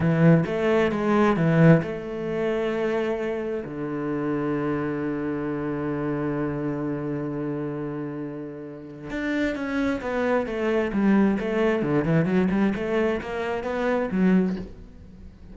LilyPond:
\new Staff \with { instrumentName = "cello" } { \time 4/4 \tempo 4 = 132 e4 a4 gis4 e4 | a1 | d1~ | d1~ |
d1 | d'4 cis'4 b4 a4 | g4 a4 d8 e8 fis8 g8 | a4 ais4 b4 fis4 | }